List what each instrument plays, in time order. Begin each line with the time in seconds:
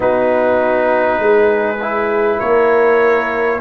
0.00 tuba B3, trombone D#4, horn F#4, trumpet B4
1.19 tuba G#3, horn G#4
1.81 trombone E4
2.38 tuba A#3, horn A#4, trumpet C#5